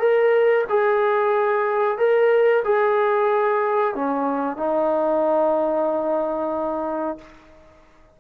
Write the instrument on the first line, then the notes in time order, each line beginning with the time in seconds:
trombone
0.00 A#4
0.70 G#4
1.98 A#4
2.65 G#4
3.95 C#4
4.57 D#4